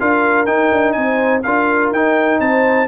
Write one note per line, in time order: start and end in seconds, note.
0.00 0.47 D4
0.00 0.47 F4
0.00 0.96 A#4
0.00 0.46 F5
0.46 1.43 D#4
0.46 0.71 D#4
0.46 0.92 G5
0.72 0.96 D4
0.92 1.44 C4
0.92 1.45 C5
0.92 1.40 G#5
1.43 1.91 D4
1.43 1.95 F4
1.43 2.41 A#4
1.43 1.91 F5
1.91 2.39 D#4
1.91 2.88 D#4
1.91 2.40 G5
2.40 2.88 C4
2.40 2.88 C5
2.40 2.88 A5